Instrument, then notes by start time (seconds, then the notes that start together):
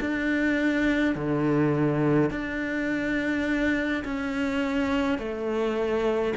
cello
0.00 D4
1.15 D3
2.30 D4
4.04 C#4
5.18 A3